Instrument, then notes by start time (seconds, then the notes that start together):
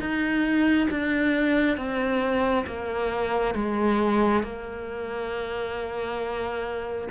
cello
0.00 D#4
0.91 D4
1.77 C4
2.67 A#3
3.55 G#3
4.44 A#3